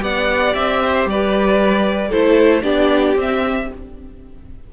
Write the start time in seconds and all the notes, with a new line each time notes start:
0.00 B3 G4 D5 F#5
0.55 C4 E5
0.84 C5
1.05 G3 B4 D5
2.09 A3 E4 A4 C5
2.62 B3 D4 G4 D5
3.15 C4 E5